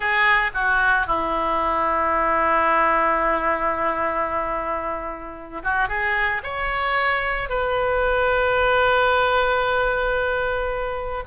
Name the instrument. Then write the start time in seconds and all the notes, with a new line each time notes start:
oboe
0.00 G#4
0.54 F#4
1.06 E4
5.63 F#4
5.88 G#4
6.43 C#5
7.49 B4